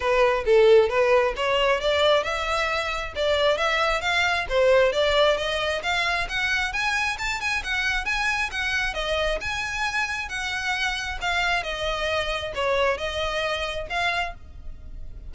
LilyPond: \new Staff \with { instrumentName = "violin" } { \time 4/4 \tempo 4 = 134 b'4 a'4 b'4 cis''4 | d''4 e''2 d''4 | e''4 f''4 c''4 d''4 | dis''4 f''4 fis''4 gis''4 |
a''8 gis''8 fis''4 gis''4 fis''4 | dis''4 gis''2 fis''4~ | fis''4 f''4 dis''2 | cis''4 dis''2 f''4 | }